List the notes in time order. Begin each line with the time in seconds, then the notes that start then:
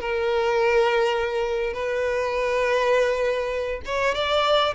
0.00 A#4
1.74 B4
3.86 C#5
4.15 D5